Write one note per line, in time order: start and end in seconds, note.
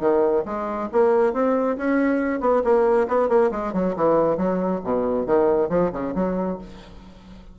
0.00 0.44 D#3
0.45 0.89 G#3
0.92 1.33 A#3
1.33 1.77 C4
1.77 2.40 C#4
2.40 2.62 B3
2.64 3.08 A#3
3.08 3.29 B3
3.29 3.51 A#3
3.51 3.73 G#3
3.73 3.95 F#3
3.96 4.37 E3
4.37 4.81 F#3
4.84 5.26 B2
5.26 5.69 D#3
5.69 5.91 F3
5.92 6.14 C#3
6.15 6.59 F#3